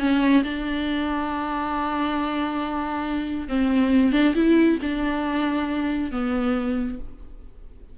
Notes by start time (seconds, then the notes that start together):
0.00 C#4
0.44 D4
3.49 C4
4.13 D4
4.36 E4
4.82 D4
6.12 B3